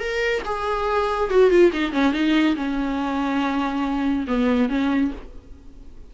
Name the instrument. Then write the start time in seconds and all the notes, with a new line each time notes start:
viola
0.00 A#4
0.46 G#4
1.31 F#4
1.51 F4
1.73 D#4
1.93 C#4
2.13 D#4
2.56 C#4
4.28 B3
4.69 C#4